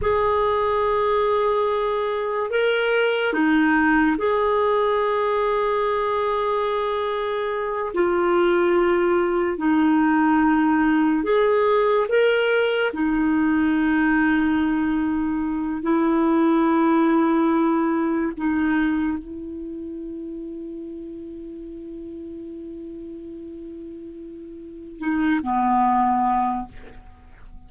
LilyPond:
\new Staff \with { instrumentName = "clarinet" } { \time 4/4 \tempo 4 = 72 gis'2. ais'4 | dis'4 gis'2.~ | gis'4. f'2 dis'8~ | dis'4. gis'4 ais'4 dis'8~ |
dis'2. e'4~ | e'2 dis'4 e'4~ | e'1~ | e'2 dis'8 b4. | }